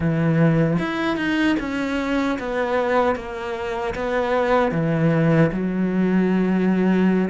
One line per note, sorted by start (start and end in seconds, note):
0.00 0.78 E3
0.79 1.16 E4
1.16 1.56 D#4
1.59 2.38 C#4
2.39 3.15 B3
3.15 3.94 A#3
3.95 4.72 B3
4.72 5.50 E3
5.52 7.29 F#3